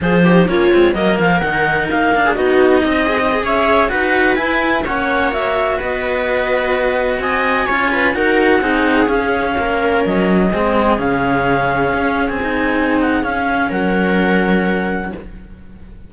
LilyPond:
<<
  \new Staff \with { instrumentName = "clarinet" } { \time 4/4 \tempo 4 = 127 c''4 cis''4 dis''8 f''8 fis''4 | f''4 dis''2~ dis''16 e''8.~ | e''16 fis''4 gis''4 fis''4 e''8.~ | e''16 dis''2. gis''8.~ |
gis''4~ gis''16 fis''2 f''8.~ | f''4~ f''16 dis''2 f''8.~ | f''2 gis''4. fis''8 | f''4 fis''2. | }
  \new Staff \with { instrumentName = "viola" } { \time 4/4 gis'8 g'8 f'4 ais'2~ | ais'8. gis'16 fis'4 dis''4~ dis''16 cis''8.~ | cis''16 b'2 cis''4.~ cis''16~ | cis''16 b'2. dis''8.~ |
dis''16 cis''8 b'8 ais'4 gis'4.~ gis'16~ | gis'16 ais'2 gis'4.~ gis'16~ | gis'1~ | gis'4 ais'2. | }
  \new Staff \with { instrumentName = "cello" } { \time 4/4 f'8 dis'8 cis'8 c'8 ais4 dis'4~ | dis'8 d'8 dis'4. gis'16 dis'16 gis'4~ | gis'16 fis'4 e'4 cis'4 fis'8.~ | fis'1~ |
fis'16 f'4 fis'4 dis'4 cis'8.~ | cis'2~ cis'16 c'4 cis'8.~ | cis'2~ cis'16 dis'4.~ dis'16 | cis'1 | }
  \new Staff \with { instrumentName = "cello" } { \time 4/4 f4 ais8 gis8 fis8 f8 dis4 | ais4 b4 c'4~ c'16 cis'8.~ | cis'16 dis'4 e'4 ais4.~ ais16~ | ais16 b2. c'8.~ |
c'16 cis'4 dis'4 c'4 cis'8.~ | cis'16 ais4 fis4 gis4 cis8.~ | cis4~ cis16 cis'8. c'2 | cis'4 fis2. | }
>>